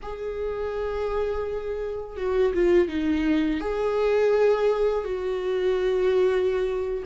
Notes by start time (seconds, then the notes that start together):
0.02 G#4
2.17 F#4
2.53 F4
2.88 D#4
3.60 G#4
5.04 F#4